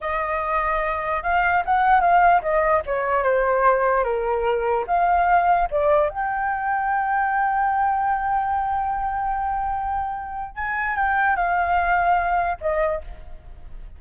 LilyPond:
\new Staff \with { instrumentName = "flute" } { \time 4/4 \tempo 4 = 148 dis''2. f''4 | fis''4 f''4 dis''4 cis''4 | c''2 ais'2 | f''2 d''4 g''4~ |
g''1~ | g''1~ | g''2 gis''4 g''4 | f''2. dis''4 | }